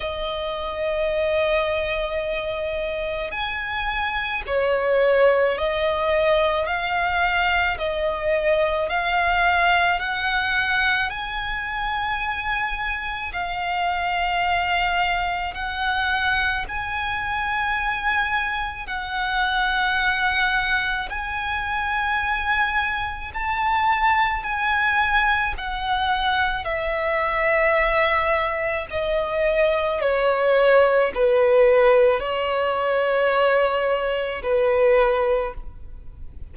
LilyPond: \new Staff \with { instrumentName = "violin" } { \time 4/4 \tempo 4 = 54 dis''2. gis''4 | cis''4 dis''4 f''4 dis''4 | f''4 fis''4 gis''2 | f''2 fis''4 gis''4~ |
gis''4 fis''2 gis''4~ | gis''4 a''4 gis''4 fis''4 | e''2 dis''4 cis''4 | b'4 cis''2 b'4 | }